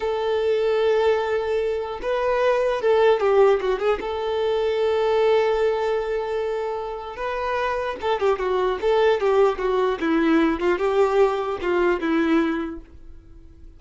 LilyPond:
\new Staff \with { instrumentName = "violin" } { \time 4/4 \tempo 4 = 150 a'1~ | a'4 b'2 a'4 | g'4 fis'8 gis'8 a'2~ | a'1~ |
a'2 b'2 | a'8 g'8 fis'4 a'4 g'4 | fis'4 e'4. f'8 g'4~ | g'4 f'4 e'2 | }